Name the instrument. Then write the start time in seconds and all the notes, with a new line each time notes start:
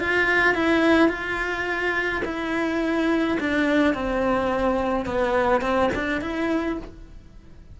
cello
0.00 F4
0.55 E4
1.09 F4
2.25 E4
3.40 D4
3.94 C4
5.06 B3
5.61 C4
5.95 D4
6.21 E4